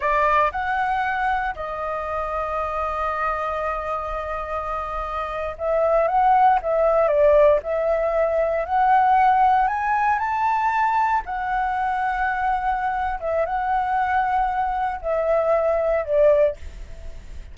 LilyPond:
\new Staff \with { instrumentName = "flute" } { \time 4/4 \tempo 4 = 116 d''4 fis''2 dis''4~ | dis''1~ | dis''2~ dis''8. e''4 fis''16~ | fis''8. e''4 d''4 e''4~ e''16~ |
e''8. fis''2 gis''4 a''16~ | a''4.~ a''16 fis''2~ fis''16~ | fis''4. e''8 fis''2~ | fis''4 e''2 d''4 | }